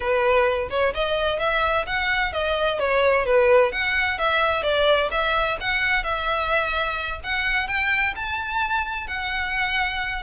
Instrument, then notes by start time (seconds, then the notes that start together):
violin
0.00 B4
0.70 C#5
0.94 D#5
1.39 E5
1.86 F#5
2.32 D#5
2.79 C#5
3.25 B4
3.71 F#5
4.18 E5
4.63 D5
5.11 E5
5.60 F#5
6.03 E5
7.23 F#5
7.67 G5
8.15 A5
9.07 F#5